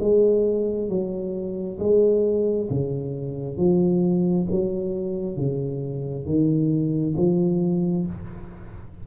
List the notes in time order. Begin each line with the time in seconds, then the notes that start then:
0.00 G#3
0.89 F#3
1.79 G#3
2.70 C#3
3.57 F3
4.51 F#3
5.36 C#3
6.25 D#3
7.17 F3